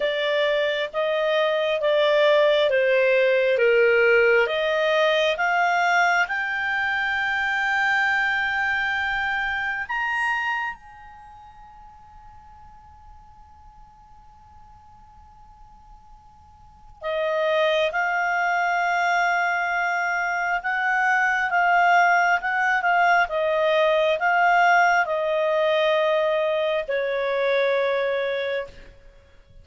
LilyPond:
\new Staff \with { instrumentName = "clarinet" } { \time 4/4 \tempo 4 = 67 d''4 dis''4 d''4 c''4 | ais'4 dis''4 f''4 g''4~ | g''2. ais''4 | gis''1~ |
gis''2. dis''4 | f''2. fis''4 | f''4 fis''8 f''8 dis''4 f''4 | dis''2 cis''2 | }